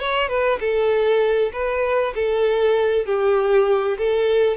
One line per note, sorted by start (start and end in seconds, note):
0.00 0.28 C#5
0.28 0.59 B4
0.60 1.52 A4
1.53 2.14 B4
2.15 3.06 A4
3.06 3.98 G4
3.98 4.57 A4